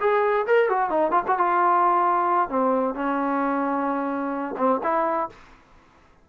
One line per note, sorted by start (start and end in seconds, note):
0.00 0.46 G#4
0.47 0.69 A#4
0.69 0.90 F#4
0.90 1.11 D#4
1.11 1.23 F4
1.27 1.38 F#4
1.38 2.49 F4
2.49 2.95 C4
2.95 4.55 C#4
4.58 4.80 C4
4.83 5.29 E4